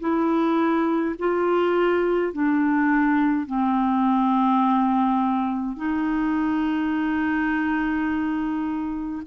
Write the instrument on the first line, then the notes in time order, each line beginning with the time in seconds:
clarinet
0.00 E4
1.19 F4
2.33 D4
3.47 C4
5.76 D#4